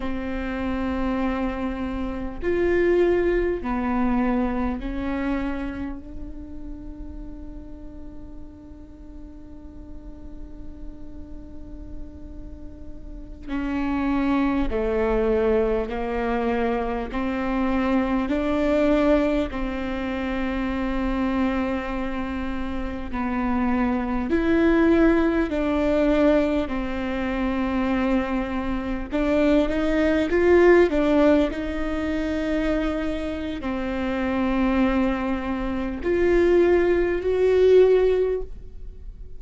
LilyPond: \new Staff \with { instrumentName = "viola" } { \time 4/4 \tempo 4 = 50 c'2 f'4 b4 | cis'4 d'2.~ | d'2.~ d'16 cis'8.~ | cis'16 a4 ais4 c'4 d'8.~ |
d'16 c'2. b8.~ | b16 e'4 d'4 c'4.~ c'16~ | c'16 d'8 dis'8 f'8 d'8 dis'4.~ dis'16 | c'2 f'4 fis'4 | }